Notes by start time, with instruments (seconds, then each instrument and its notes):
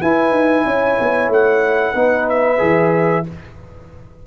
0.00 trombone E4, tuba E4, horn B4, trumpet G#5
0.32 tuba D#4
0.65 tuba C#4, horn C#5
1.00 tuba B3
1.29 tuba A3, trumpet F#5
1.95 tuba B3, trombone D#4, horn B4
2.29 trumpet E5
2.59 tuba E3, trombone G#4